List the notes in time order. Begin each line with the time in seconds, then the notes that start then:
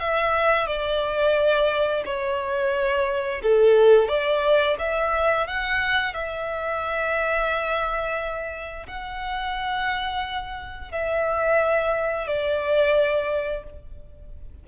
0.00 E5
0.67 D5
2.05 C#5
3.43 A4
4.08 D5
4.79 E5
5.47 F#5
6.14 E5
8.87 F#5
10.92 E5
12.27 D5